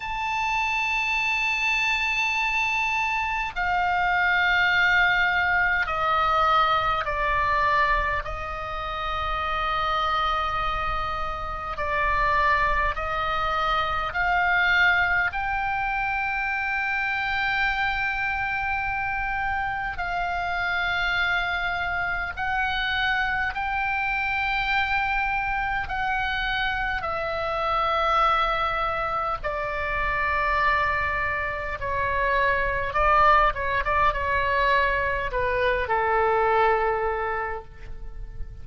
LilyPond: \new Staff \with { instrumentName = "oboe" } { \time 4/4 \tempo 4 = 51 a''2. f''4~ | f''4 dis''4 d''4 dis''4~ | dis''2 d''4 dis''4 | f''4 g''2.~ |
g''4 f''2 fis''4 | g''2 fis''4 e''4~ | e''4 d''2 cis''4 | d''8 cis''16 d''16 cis''4 b'8 a'4. | }